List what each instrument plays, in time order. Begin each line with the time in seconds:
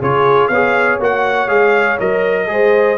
0.00 tuba C#3, trombone F4, horn G#4, trumpet C#5
0.48 tuba B3, horn C#5, trumpet F5
0.54 trombone G#4
0.99 tuba A#3, trombone F#4, trumpet F#5
1.48 tuba G#3, trombone G#4, trumpet F5
2.00 tuba F#3, trombone A#4, trumpet D#5
2.47 tuba G#3, trombone G#4, horn C5